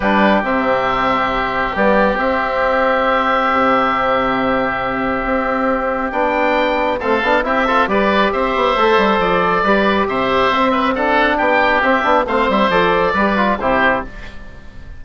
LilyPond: <<
  \new Staff \with { instrumentName = "oboe" } { \time 4/4 \tempo 4 = 137 b'4 e''2. | d''4 e''2.~ | e''1~ | e''2 g''2 |
f''4 e''4 d''4 e''4~ | e''4 d''2 e''4~ | e''4 fis''4 g''4 e''4 | f''8 e''8 d''2 c''4 | }
  \new Staff \with { instrumentName = "oboe" } { \time 4/4 g'1~ | g'1~ | g'1~ | g'1 |
a'4 g'8 a'8 b'4 c''4~ | c''2 b'4 c''4~ | c''8 b'8 a'4 g'2 | c''2 b'4 g'4 | }
  \new Staff \with { instrumentName = "trombone" } { \time 4/4 d'4 c'2. | b4 c'2.~ | c'1~ | c'2 d'2 |
c'8 d'8 e'8 f'8 g'2 | a'2 g'2 | c'4 d'2 c'8 d'8 | c'4 a'4 g'8 f'8 e'4 | }
  \new Staff \with { instrumentName = "bassoon" } { \time 4/4 g4 c2. | g4 c'2. | c1 | c'2 b2 |
a8 b8 c'4 g4 c'8 b8 | a8 g8 f4 g4 c4 | c'2 b4 c'8 b8 | a8 g8 f4 g4 c4 | }
>>